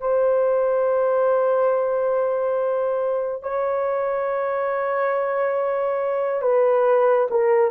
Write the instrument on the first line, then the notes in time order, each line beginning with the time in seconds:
horn
0.00 C5
3.42 C#5
6.42 B4
7.31 A#4